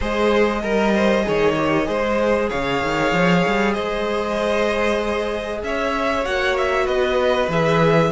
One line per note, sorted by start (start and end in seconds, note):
0.00 0.63 G#3
0.00 0.62 G#4
0.00 0.61 C5
0.00 2.49 D#5
0.62 1.25 G3
0.62 1.23 A#4
0.62 0.94 A#4
0.94 1.25 C5
1.23 1.88 D#3
1.23 1.54 G#4
1.23 1.87 C#5
1.57 1.85 G4
1.85 2.50 G#3
1.85 6.22 G#4
1.85 2.49 C5
2.49 2.82 C#3
2.49 3.73 C#5
2.49 3.73 F5
2.82 3.11 D#3
3.11 3.43 F3
3.46 3.77 G3
3.73 5.62 G#3
3.73 5.61 C5
3.73 5.61 D#5
5.62 6.25 C#4
5.62 6.84 C#5
5.62 6.24 E5
6.24 6.87 A#3
6.24 7.49 F#4
6.24 6.56 F#5
6.57 6.86 E5
6.84 7.48 B3
6.84 8.09 B4
6.84 7.49 D#5
7.48 8.10 E3
7.48 8.12 G#4
7.48 8.12 E5